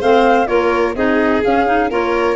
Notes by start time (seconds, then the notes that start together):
0.00 A3 C4 C5 F5
0.47 A#3 F4 A#4 C#5
0.95 C4 D#4 G#4 D#5
1.44 C#4 F5
1.66 D#4
1.90 A#3 F4 A#4 C#5